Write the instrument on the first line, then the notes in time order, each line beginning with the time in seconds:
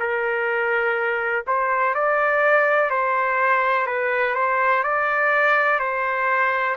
trumpet
0.00 A#4
1.47 C5
1.95 D5
2.90 C5
3.87 B4
4.35 C5
4.84 D5
5.80 C5